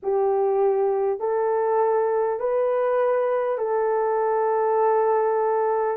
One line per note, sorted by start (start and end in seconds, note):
0.03 1.19 G4
1.19 2.39 A4
2.39 3.58 B4
3.58 5.97 A4